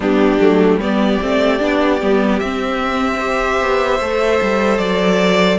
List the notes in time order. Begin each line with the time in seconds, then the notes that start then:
0.00 G3 B3 D4 G4
0.40 F#3 A3
0.77 G3 B3 G4 D5
1.21 A3 C4
1.59 B3 D4
2.01 G3 B3
2.39 C4 E5
3.18 G4 C5
3.61 B3
4.00 A3 A4
4.41 G3
4.78 F#3 D5